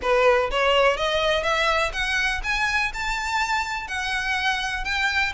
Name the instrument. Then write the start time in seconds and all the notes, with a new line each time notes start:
violin
0.02 B4
0.50 C#5
0.97 D#5
1.43 E5
1.92 F#5
2.43 G#5
2.93 A5
3.87 F#5
4.84 G5